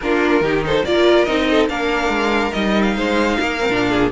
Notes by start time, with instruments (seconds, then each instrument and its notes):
0.01 cello A#3, viola D4, violin F4 A#4
0.41 cello D#3, viola D#4, violin G4
0.65 violin A4 C5
0.85 cello A#3, viola F4, violin A#4 D5
1.24 cello C4, viola D#4, violin D#5
1.50 violin A4
1.68 cello A#3, viola D4, violin A#4 F5
2.08 cello G#3
2.53 cello G3, viola D#4, violin D#5
2.82 violin F5
2.95 cello G#3, violin C5
3.40 cello A#3, violin A#4
3.60 viola C4
3.69 cello A#2, viola D4
3.90 violin G#4